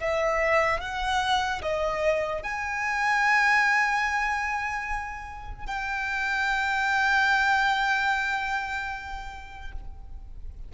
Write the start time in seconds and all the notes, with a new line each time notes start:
0.00 E5
0.80 F#5
1.62 D#5
2.43 G#5
5.66 G5